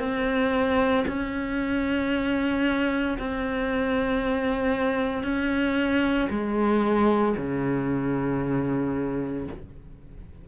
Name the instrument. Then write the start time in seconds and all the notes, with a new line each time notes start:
cello
0.00 C4
1.08 C#4
3.19 C4
5.24 C#4
6.31 G#3
7.37 C#3